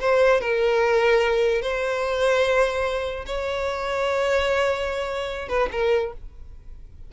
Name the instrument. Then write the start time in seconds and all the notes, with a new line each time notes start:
violin
0.00 C5
0.41 A#4
1.62 C5
3.26 C#5
5.48 B4
5.71 A#4